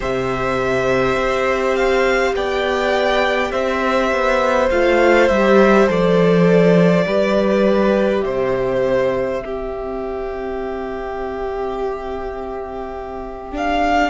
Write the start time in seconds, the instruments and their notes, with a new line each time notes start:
0.00 cello C3, viola G4, violin C5 E5
1.16 cello C4
1.75 violin F5
2.34 cello B3, violin D5 G5
3.51 cello C4, violin C5 E5
4.11 cello B3
4.70 cello A3, viola F4, violin F5
5.28 cello G3, viola G4, violin E5
5.87 cello F3, viola A4, violin D5
7.05 cello G3, viola G4, violin B4
8.20 cello C3, violin C5 E5
9.40 viola C4, cello C4, violin G4
13.52 viola D4, violin F5